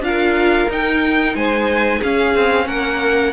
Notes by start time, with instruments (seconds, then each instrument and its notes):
0.00 cello D4, viola F4, violin F5
0.07 violin A#4
0.69 cello D#4, viola D#4, violin G5
1.35 cello G#3, violin C5 G#5
1.99 viola C#4, cello C#4, violin G#4 F5
2.35 cello C4
2.66 cello A#3, violin A#4 F#5